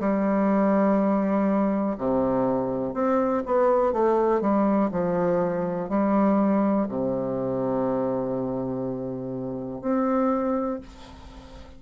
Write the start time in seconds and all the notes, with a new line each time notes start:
0.00 G3
1.98 C3
2.94 C4
3.46 B3
3.93 A3
4.41 G3
4.92 F3
5.89 G3
6.89 C3
9.82 C4